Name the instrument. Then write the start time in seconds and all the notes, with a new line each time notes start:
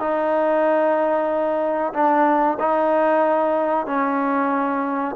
trombone
0.00 D#4
1.94 D4
2.60 D#4
3.87 C#4